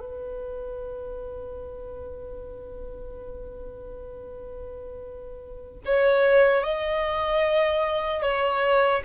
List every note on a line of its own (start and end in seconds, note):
0.00 5.80 B4
5.85 6.64 C#5
6.64 8.22 D#5
8.22 9.02 C#5